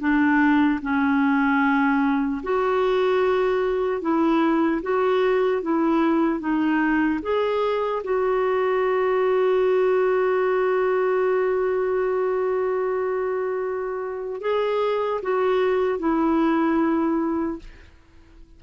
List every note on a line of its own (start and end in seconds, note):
0.00 0.80 D4
0.82 2.42 C#4
2.43 4.01 F#4
4.01 4.81 E4
4.82 5.62 F#4
5.62 6.40 E4
6.40 7.20 D#4
7.23 8.03 G#4
8.04 14.41 F#4
14.41 15.21 G#4
15.22 15.99 F#4
15.99 17.59 E4